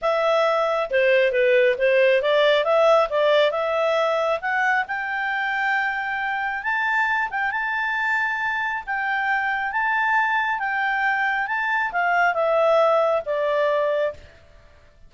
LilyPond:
\new Staff \with { instrumentName = "clarinet" } { \time 4/4 \tempo 4 = 136 e''2 c''4 b'4 | c''4 d''4 e''4 d''4 | e''2 fis''4 g''4~ | g''2. a''4~ |
a''8 g''8 a''2. | g''2 a''2 | g''2 a''4 f''4 | e''2 d''2 | }